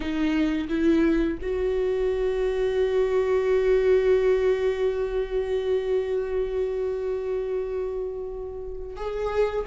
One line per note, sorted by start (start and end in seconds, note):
0.00 0.67 D#4
0.69 1.38 E4
1.41 8.96 F#4
8.96 9.65 G#4